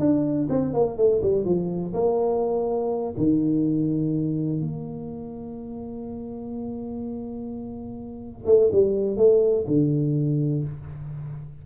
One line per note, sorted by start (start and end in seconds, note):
0.00 0.48 D4
0.50 0.74 C4
0.74 0.97 A#3
0.97 1.22 A3
1.23 1.45 G3
1.45 1.94 F3
1.94 3.15 A#3
3.17 4.61 D#3
4.61 8.46 A#3
8.46 8.71 A3
8.72 9.17 G3
9.17 9.66 A3
9.67 10.64 D3